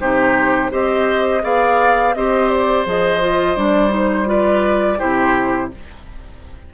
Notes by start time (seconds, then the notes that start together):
0.00 C3 D#4 G4 C5
0.70 C4 G4 C5 D#5
1.42 B3 G#4 D5 F5
2.15 C4 G4 C5 D#5
2.49 D5
2.86 F3 G#4 D#5
3.21 F4
3.56 G3 D4 D5
3.89 D#4 C5
4.26 F4 B4 D5
4.99 C3 E4 G4 C5